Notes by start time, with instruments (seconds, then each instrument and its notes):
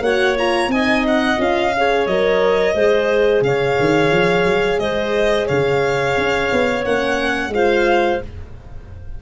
0.00 tuba A#3, horn F#4, clarinet C#5, violin F#5
0.37 horn F4, violin A#5
0.68 tuba C4, horn D#4, clarinet D#5, violin G#5
1.08 violin F#5
1.38 tuba C#4, horn F4, violin F5
1.77 horn G#4, clarinet C#5
2.07 tuba F#3, horn A#4, violin D#5
2.74 tuba G#3, horn G#4, clarinet C5
3.41 tuba C#3, clarinet C#5, violin F5
3.79 tuba D#3
4.12 tuba F3
4.45 tuba F#3
4.78 tuba G#3, clarinet C5, violin D#5
5.46 tuba C#3, clarinet C#5, violin F5
6.17 tuba C#4
6.52 tuba B3
6.85 tuba A#3, horn C#4, violin F#5
7.48 tuba G#3, horn F4, clarinet C5, violin F5